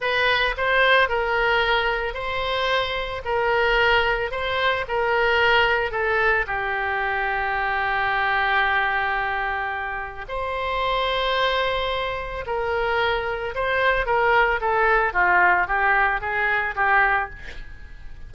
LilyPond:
\new Staff \with { instrumentName = "oboe" } { \time 4/4 \tempo 4 = 111 b'4 c''4 ais'2 | c''2 ais'2 | c''4 ais'2 a'4 | g'1~ |
g'2. c''4~ | c''2. ais'4~ | ais'4 c''4 ais'4 a'4 | f'4 g'4 gis'4 g'4 | }